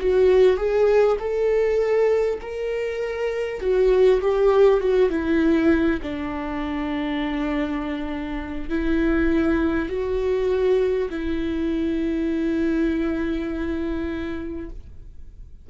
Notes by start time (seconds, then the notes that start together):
0.00 F#4
0.57 G#4
1.19 A4
2.41 A#4
3.61 F#4
4.21 G4
4.80 F#4
5.10 E4
6.02 D4
8.69 E4
9.89 F#4
11.09 E4